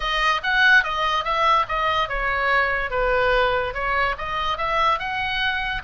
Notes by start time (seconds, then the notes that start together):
0.00 D#5
0.43 F#5
0.83 D#5
1.24 E5
1.68 D#5
2.08 C#5
2.90 B4
3.73 C#5
4.18 D#5
4.57 E5
4.99 F#5